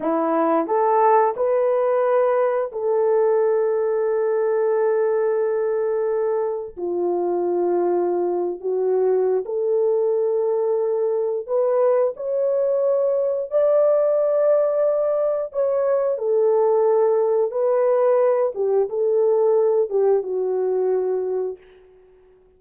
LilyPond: \new Staff \with { instrumentName = "horn" } { \time 4/4 \tempo 4 = 89 e'4 a'4 b'2 | a'1~ | a'2 f'2~ | f'8. fis'4~ fis'16 a'2~ |
a'4 b'4 cis''2 | d''2. cis''4 | a'2 b'4. g'8 | a'4. g'8 fis'2 | }